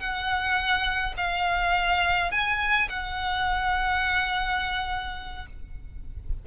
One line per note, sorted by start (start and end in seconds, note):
0.00 1.14 F#5
1.17 2.31 F5
2.32 2.89 G#5
2.89 5.46 F#5